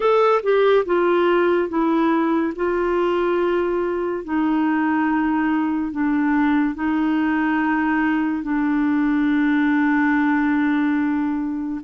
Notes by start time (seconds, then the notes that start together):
0.00 A4
0.42 G4
0.85 F4
1.68 E4
2.55 F4
4.24 D#4
5.92 D4
6.74 D#4
8.42 D4